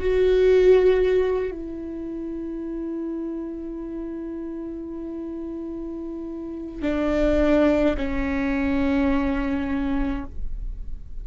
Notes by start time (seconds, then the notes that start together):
0.00 F#4
1.51 E4
6.82 D4
7.97 C#4